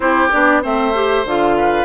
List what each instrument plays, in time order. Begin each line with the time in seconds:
0.00 bassoon C4, clarinet E4, oboe G4, flute C5
0.31 bassoon B3, clarinet D4, flute D5
0.62 bassoon A3, clarinet C4, oboe C5, flute E5
0.94 clarinet G4
1.24 bassoon D3, clarinet F4, flute F5
1.57 oboe B4